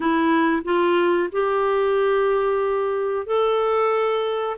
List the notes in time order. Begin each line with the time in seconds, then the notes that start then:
0.00 E4
0.64 F4
1.32 G4
3.26 A4